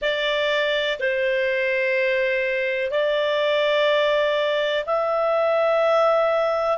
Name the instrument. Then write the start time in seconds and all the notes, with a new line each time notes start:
clarinet
0.01 D5
0.99 C5
2.90 D5
4.86 E5